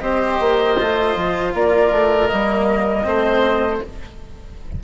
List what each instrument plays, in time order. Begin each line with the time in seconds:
0.00 bassoon C4, cello G4, oboe C5, flute D#5
0.39 bassoon A#3
0.79 bassoon A3, cello F4
1.15 bassoon F3
1.54 bassoon A#3, oboe A#4, flute D5
1.91 bassoon A3
2.28 bassoon G3, cello A#3, flute D#5
3.03 bassoon A3, cello C4, oboe C5